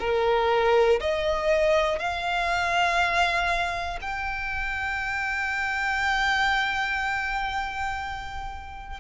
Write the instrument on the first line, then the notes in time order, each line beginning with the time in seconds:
violin
0.00 A#4
1.00 D#5
1.99 F5
4.02 G5